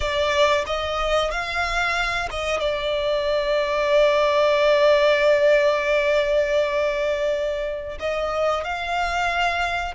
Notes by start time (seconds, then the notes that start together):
0.00 D5
0.66 D#5
1.31 F5
2.30 D#5
2.60 D5
7.99 D#5
8.64 F5